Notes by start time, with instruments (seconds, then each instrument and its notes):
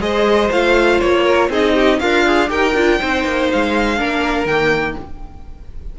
0.00 cello G#3, viola G#4, violin C5 D#5
0.51 cello A3, viola F4, violin F5
1.01 cello A#3, violin C#5
1.24 violin A#4
1.49 cello C4, viola D#4, violin G#4 D#5
1.74 violin G4
1.99 cello D4, violin F4 F5, viola A#4
2.26 viola G#4
2.48 cello D#4, viola G4, violin A#4 G5
2.74 cello D4, viola F4
3.00 cello C4, viola D#4, violin C5
3.25 cello A#3
3.52 cello G#3, violin F5
3.97 cello A#3, viola D4, violin A#4
4.46 cello D#3, viola A#3, violin G5